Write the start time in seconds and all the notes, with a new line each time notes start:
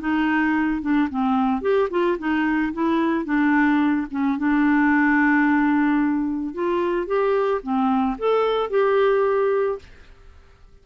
0.00 D#4
0.82 D4
1.10 C4
1.62 G4
1.90 F4
2.18 D#4
2.73 E4
3.25 D4
4.11 C#4
4.38 D4
6.54 F4
7.07 G4
7.63 C4
8.18 A4
8.70 G4